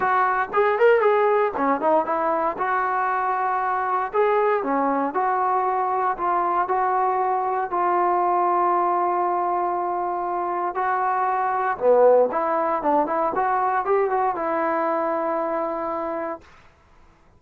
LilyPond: \new Staff \with { instrumentName = "trombone" } { \time 4/4 \tempo 4 = 117 fis'4 gis'8 ais'8 gis'4 cis'8 dis'8 | e'4 fis'2. | gis'4 cis'4 fis'2 | f'4 fis'2 f'4~ |
f'1~ | f'4 fis'2 b4 | e'4 d'8 e'8 fis'4 g'8 fis'8 | e'1 | }